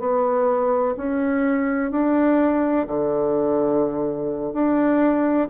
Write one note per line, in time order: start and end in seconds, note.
0.00 0.95 B3
0.97 1.91 C#4
1.91 2.87 D4
2.87 4.54 D3
4.54 5.49 D4